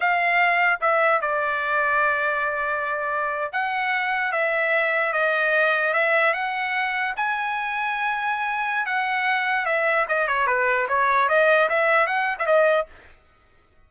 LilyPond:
\new Staff \with { instrumentName = "trumpet" } { \time 4/4 \tempo 4 = 149 f''2 e''4 d''4~ | d''1~ | d''8. fis''2 e''4~ e''16~ | e''8. dis''2 e''4 fis''16~ |
fis''4.~ fis''16 gis''2~ gis''16~ | gis''2 fis''2 | e''4 dis''8 cis''8 b'4 cis''4 | dis''4 e''4 fis''8. e''16 dis''4 | }